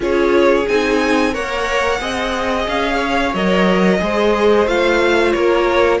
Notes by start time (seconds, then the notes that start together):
0.00 C#4 F4 G#4 C#5
0.68 C4 D#4 G#5
1.33 A#3 A#4 C#5 F#5
2.00 C4 G#4 D#5
2.68 C#4 F5
2.95 C#5
3.33 F#3 A#4 D#5
3.99 G#3 G#4 C5
4.66 A3 F4 F5
5.32 A#3 A#4 C#5